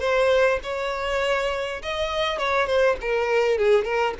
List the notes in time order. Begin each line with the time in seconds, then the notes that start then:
0.00 C5
0.63 C#5
1.82 D#5
2.38 C#5
2.67 C5
3.01 A#4
3.58 G#4
3.84 A#4